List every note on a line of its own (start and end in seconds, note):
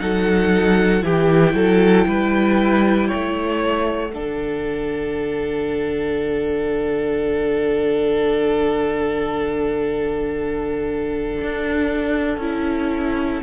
0.00 1.04 F#3
0.00 1.01 D#4
0.00 1.05 A4
0.00 1.03 F#5
1.01 1.54 E3
1.01 4.12 E4
1.01 1.56 G4
1.01 3.62 G5
1.54 2.06 F#3
1.54 2.07 A4
2.08 3.11 G3
2.08 3.08 B4
3.08 4.12 C#5
3.14 4.16 A3
3.62 13.43 F#5
4.14 11.40 D3
4.14 12.41 D4
4.14 13.43 A4
11.42 12.38 D4
12.38 13.41 C#4
12.38 13.43 E4